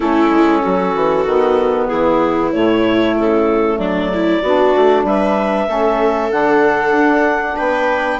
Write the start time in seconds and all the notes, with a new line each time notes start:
0.00 A3 C#4 E4 A4
0.30 G#3
0.62 F#3 F#4
0.95 E3
1.25 D#3 B3
1.87 E3 E4 G#4
2.50 A2 A3 C#5
3.18 C#3 A4
3.78 F#3 D4 D5
4.14 E4
4.42 B3 D4 F#4
4.76 A3
5.03 G3 B4 E5
5.67 A3 C#4 A4
6.30 D3 D4 F#5
6.92 D4
7.56 B3 B4 G5